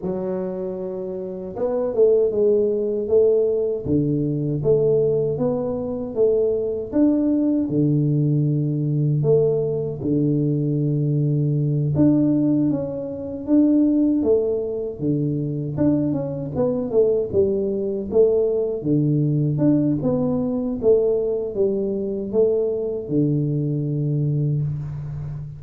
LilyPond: \new Staff \with { instrumentName = "tuba" } { \time 4/4 \tempo 4 = 78 fis2 b8 a8 gis4 | a4 d4 a4 b4 | a4 d'4 d2 | a4 d2~ d8 d'8~ |
d'8 cis'4 d'4 a4 d8~ | d8 d'8 cis'8 b8 a8 g4 a8~ | a8 d4 d'8 b4 a4 | g4 a4 d2 | }